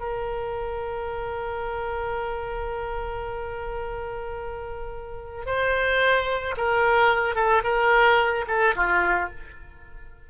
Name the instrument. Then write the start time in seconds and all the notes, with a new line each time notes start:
oboe
0.00 A#4
5.46 C5
6.58 A#4
7.35 A4
7.64 A#4
8.48 A4
8.76 F4